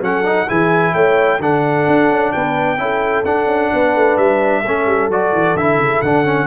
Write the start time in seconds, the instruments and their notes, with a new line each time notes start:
0.00 tuba F#3, trombone C#4, horn A4, trumpet F#5
0.24 trombone D#4
0.47 tuba E3, trombone E4, horn G#4, trumpet G#5
0.94 tuba A3, horn C#5, trumpet G5
1.39 tuba D3, trombone D4, horn A4, trumpet F#5
1.87 tuba D4
2.10 tuba C#4
2.32 tuba B3, horn B4, trumpet G5
2.77 tuba C#4, trombone E4, horn A4
3.25 tuba D4, trombone D4, trumpet F#5
3.46 tuba C#4
3.72 tuba B3, horn B4
3.95 tuba A3
4.17 tuba G3, trumpet E5
4.61 tuba A3, trombone C#4, horn A4
4.86 tuba G3
5.08 tuba F#3, trombone F#4, trumpet D5
5.32 tuba E3
5.55 tuba D3, trombone E4, trumpet E5
5.78 tuba C#3
6.01 tuba D3, trombone D4, trumpet F#5
6.25 trombone C#4